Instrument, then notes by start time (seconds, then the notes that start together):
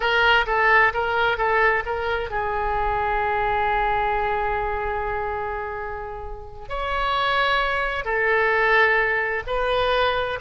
oboe
0.00 A#4
0.46 A4
0.93 A#4
1.37 A4
1.85 A#4
2.30 G#4
6.68 C#5
8.04 A4
9.47 B4